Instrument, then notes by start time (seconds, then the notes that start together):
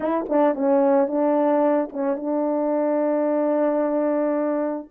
horn
0.00 E4
0.28 D4
0.55 C#4
1.07 D4
1.92 C#4
2.16 D4